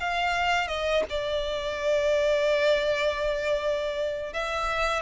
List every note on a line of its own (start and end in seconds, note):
0.00 0.67 F5
0.67 1.04 D#5
1.09 4.33 D5
4.33 5.02 E5